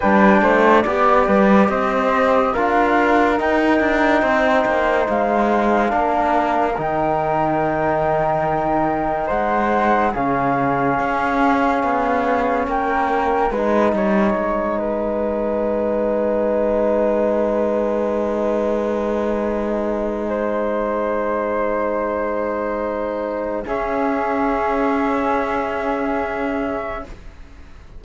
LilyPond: <<
  \new Staff \with { instrumentName = "flute" } { \time 4/4 \tempo 4 = 71 g''4 d''4 dis''4 f''4 | g''2 f''2 | g''2. fis''4 | f''2. g''4 |
gis''1~ | gis''1~ | gis''1 | e''1 | }
  \new Staff \with { instrumentName = "flute" } { \time 4/4 b'8 c''8 d''8 b'8 c''4 ais'4~ | ais'4 c''2 ais'4~ | ais'2. c''4 | gis'2. ais'4 |
b'8 cis''4 b'2~ b'8~ | b'1 | c''1 | gis'1 | }
  \new Staff \with { instrumentName = "trombone" } { \time 4/4 d'4 g'2 f'4 | dis'2. d'4 | dis'1 | cis'1 |
dis'1~ | dis'1~ | dis'1 | cis'1 | }
  \new Staff \with { instrumentName = "cello" } { \time 4/4 g8 a8 b8 g8 c'4 d'4 | dis'8 d'8 c'8 ais8 gis4 ais4 | dis2. gis4 | cis4 cis'4 b4 ais4 |
gis8 g8 gis2.~ | gis1~ | gis1 | cis'1 | }
>>